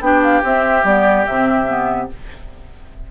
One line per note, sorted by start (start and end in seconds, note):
0.00 0.41 B3
0.00 0.43 D4
0.00 2.11 G4
0.00 0.21 G5
0.23 0.43 F5
0.43 0.84 C4
0.43 0.86 E5
0.84 1.25 G3
0.84 1.26 B3
0.84 1.26 D5
1.26 2.10 C3
1.26 1.66 C4
1.26 2.09 E5
1.66 2.08 B3